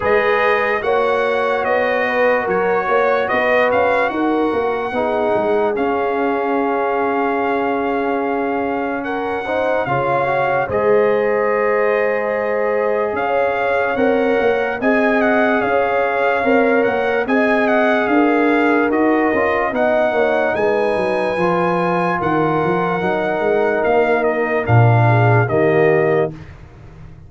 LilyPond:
<<
  \new Staff \with { instrumentName = "trumpet" } { \time 4/4 \tempo 4 = 73 dis''4 fis''4 dis''4 cis''4 | dis''8 f''8 fis''2 f''4~ | f''2. fis''4 | f''4 dis''2. |
f''4 fis''4 gis''8 fis''8 f''4~ | f''8 fis''8 gis''8 fis''8 f''4 dis''4 | fis''4 gis''2 fis''4~ | fis''4 f''8 dis''8 f''4 dis''4 | }
  \new Staff \with { instrumentName = "horn" } { \time 4/4 b'4 cis''4. b'8 ais'8 cis''8 | b'4 ais'4 gis'2~ | gis'2. ais'8 c''8 | cis''4 c''2. |
cis''2 dis''4 cis''4~ | cis''4 dis''4 ais'2 | dis''8 cis''8 b'2 ais'4~ | ais'2~ ais'8 gis'8 g'4 | }
  \new Staff \with { instrumentName = "trombone" } { \time 4/4 gis'4 fis'2.~ | fis'2 dis'4 cis'4~ | cis'2.~ cis'8 dis'8 | f'8 fis'8 gis'2.~ |
gis'4 ais'4 gis'2 | ais'4 gis'2 fis'8 f'8 | dis'2 f'2 | dis'2 d'4 ais4 | }
  \new Staff \with { instrumentName = "tuba" } { \time 4/4 gis4 ais4 b4 fis8 ais8 | b8 cis'8 dis'8 ais8 b8 gis8 cis'4~ | cis'1 | cis4 gis2. |
cis'4 c'8 ais8 c'4 cis'4 | c'8 ais8 c'4 d'4 dis'8 cis'8 | b8 ais8 gis8 fis8 f4 dis8 f8 | fis8 gis8 ais4 ais,4 dis4 | }
>>